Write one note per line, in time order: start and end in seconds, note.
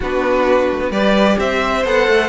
0.00 0.72 B3
0.00 0.91 D4
0.00 0.91 F#4
0.00 0.92 B4
0.72 0.80 A3
0.80 0.90 B3
0.90 1.37 G3
0.90 1.83 G4
0.90 1.37 B4
0.90 1.38 D5
1.39 1.84 C4
1.39 2.29 C5
1.39 1.85 E5
1.84 2.07 B3
1.84 2.29 A4
1.84 2.29 F#5
2.08 2.29 A3